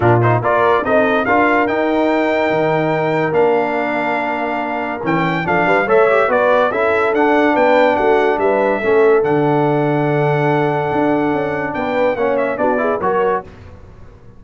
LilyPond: <<
  \new Staff \with { instrumentName = "trumpet" } { \time 4/4 \tempo 4 = 143 ais'8 c''8 d''4 dis''4 f''4 | g''1 | f''1 | g''4 f''4 e''4 d''4 |
e''4 fis''4 g''4 fis''4 | e''2 fis''2~ | fis''1 | g''4 fis''8 e''8 d''4 cis''4 | }
  \new Staff \with { instrumentName = "horn" } { \time 4/4 f'4 ais'4 a'4 ais'4~ | ais'1~ | ais'1~ | ais'4 a'8 b'8 cis''4 b'4 |
a'2 b'4 fis'4 | b'4 a'2.~ | a'1 | b'4 cis''4 fis'8 gis'8 ais'4 | }
  \new Staff \with { instrumentName = "trombone" } { \time 4/4 d'8 dis'8 f'4 dis'4 f'4 | dis'1 | d'1 | cis'4 d'4 a'8 g'8 fis'4 |
e'4 d'2.~ | d'4 cis'4 d'2~ | d'1~ | d'4 cis'4 d'8 e'8 fis'4 | }
  \new Staff \with { instrumentName = "tuba" } { \time 4/4 ais,4 ais4 c'4 d'4 | dis'2 dis2 | ais1 | e4 f8 g8 a4 b4 |
cis'4 d'4 b4 a4 | g4 a4 d2~ | d2 d'4 cis'4 | b4 ais4 b4 fis4 | }
>>